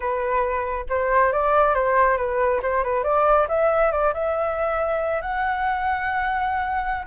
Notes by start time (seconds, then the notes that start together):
0.00 B4
0.89 C5
1.32 D5
1.74 C5
2.17 B4
2.62 C5
2.83 B4
3.03 D5
3.48 E5
3.91 D5
4.13 E5
5.21 F#5